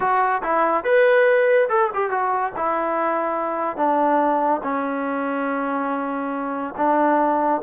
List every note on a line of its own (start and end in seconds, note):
0.00 0.41 F#4
0.42 0.84 E4
0.84 1.68 B4
1.69 1.90 A4
1.94 2.10 G4
2.10 2.52 F#4
2.56 3.76 E4
3.76 4.61 D4
4.63 6.74 C#4
6.77 7.61 D4